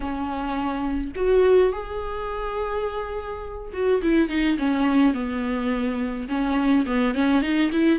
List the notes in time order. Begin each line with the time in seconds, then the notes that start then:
0.00 C#4
1.15 F#4
1.72 G#4
3.73 F#4
4.02 E4
4.29 D#4
4.58 C#4
5.14 B3
6.28 C#4
6.86 B3
7.14 C#4
7.41 D#4
7.72 E4